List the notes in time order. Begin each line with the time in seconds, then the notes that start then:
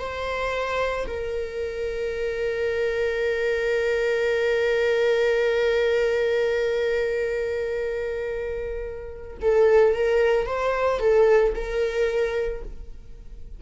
0.00 C5
1.07 A#4
9.42 A4
9.95 A#4
10.47 C5
11.00 A4
11.56 A#4